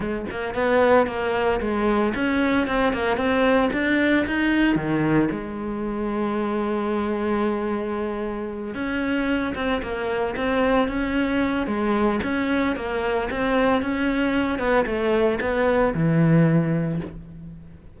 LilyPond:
\new Staff \with { instrumentName = "cello" } { \time 4/4 \tempo 4 = 113 gis8 ais8 b4 ais4 gis4 | cis'4 c'8 ais8 c'4 d'4 | dis'4 dis4 gis2~ | gis1~ |
gis8 cis'4. c'8 ais4 c'8~ | c'8 cis'4. gis4 cis'4 | ais4 c'4 cis'4. b8 | a4 b4 e2 | }